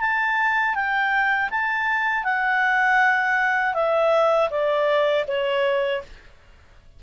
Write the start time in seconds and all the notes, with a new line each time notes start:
0.00 A5
0.74 G5
1.50 A5
2.24 F#5
3.74 E5
4.50 D5
5.27 C#5